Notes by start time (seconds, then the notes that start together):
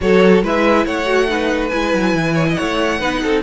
0.01 F#3 F#4 A4 C#5
0.42 G#3 E4 B4 E5
0.85 A3 C#5 F#5
1.05 F#4
1.27 D#4 B4
1.68 G#3 E4 G#5
1.94 F#3
2.13 E3
2.34 C#5
2.48 D#5 F#5
2.57 A3 C#5
2.99 B3 D#4 B4
3.22 C4 A4